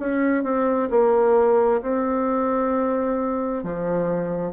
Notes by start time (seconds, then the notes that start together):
0.00 C#4
0.44 C4
0.91 A#3
1.82 C4
3.64 F3